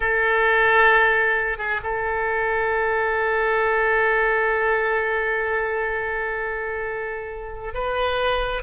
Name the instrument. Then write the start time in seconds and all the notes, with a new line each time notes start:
oboe
0.00 A4
1.57 G#4
1.83 A4
7.74 B4